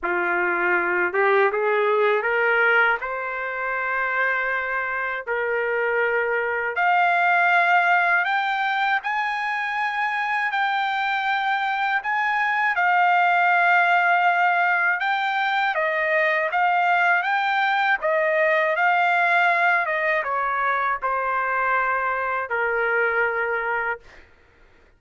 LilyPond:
\new Staff \with { instrumentName = "trumpet" } { \time 4/4 \tempo 4 = 80 f'4. g'8 gis'4 ais'4 | c''2. ais'4~ | ais'4 f''2 g''4 | gis''2 g''2 |
gis''4 f''2. | g''4 dis''4 f''4 g''4 | dis''4 f''4. dis''8 cis''4 | c''2 ais'2 | }